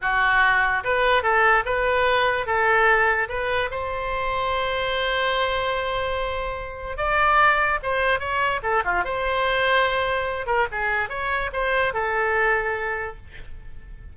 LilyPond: \new Staff \with { instrumentName = "oboe" } { \time 4/4 \tempo 4 = 146 fis'2 b'4 a'4 | b'2 a'2 | b'4 c''2.~ | c''1~ |
c''4 d''2 c''4 | cis''4 a'8 f'8 c''2~ | c''4. ais'8 gis'4 cis''4 | c''4 a'2. | }